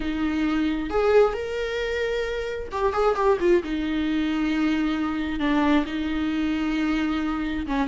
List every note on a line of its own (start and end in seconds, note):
0.00 0.89 D#4
0.89 1.33 G#4
1.33 2.68 A#4
2.71 2.93 G4
2.93 3.15 G#4
3.15 3.37 G4
3.40 3.62 F4
3.63 5.39 D#4
5.39 5.84 D4
5.85 7.66 D#4
7.67 7.88 C#4